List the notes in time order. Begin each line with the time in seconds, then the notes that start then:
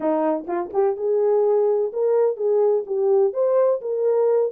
0.00 D#4
0.47 F4
0.73 G4
0.97 G#4
1.92 A#4
2.36 G#4
2.86 G4
3.33 C5
3.81 A#4